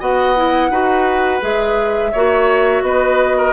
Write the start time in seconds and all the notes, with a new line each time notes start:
0.00 B3 F#4 D#5 F#5
0.37 E4
0.70 D#4 F#4 B4
1.41 G#3 G#4 E5
2.12 A#3 F#4 C#5
2.82 B3 B4 D#5
3.37 A#4